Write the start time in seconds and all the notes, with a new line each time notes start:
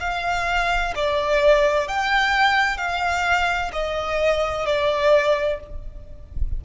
0.00 F5
0.95 D5
1.88 G5
2.78 F5
3.73 D#5
4.66 D5